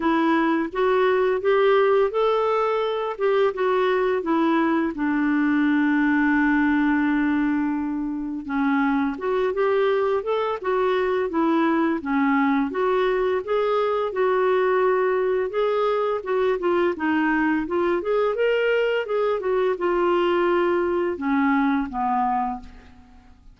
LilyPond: \new Staff \with { instrumentName = "clarinet" } { \time 4/4 \tempo 4 = 85 e'4 fis'4 g'4 a'4~ | a'8 g'8 fis'4 e'4 d'4~ | d'1 | cis'4 fis'8 g'4 a'8 fis'4 |
e'4 cis'4 fis'4 gis'4 | fis'2 gis'4 fis'8 f'8 | dis'4 f'8 gis'8 ais'4 gis'8 fis'8 | f'2 cis'4 b4 | }